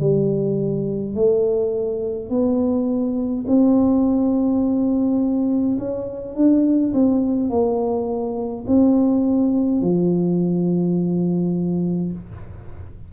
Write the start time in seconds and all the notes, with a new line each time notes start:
0.00 G3
1.14 A3
2.29 B3
3.47 C4
5.78 C#4
6.35 D4
6.93 C4
7.49 A#3
8.67 C4
9.81 F3